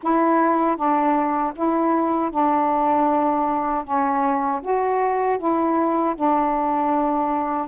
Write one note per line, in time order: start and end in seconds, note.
0.02 0.76 E4
0.76 1.53 D4
1.55 2.30 E4
2.30 3.84 D4
3.84 4.61 C#4
4.62 5.38 F#4
5.38 6.15 E4
6.15 7.67 D4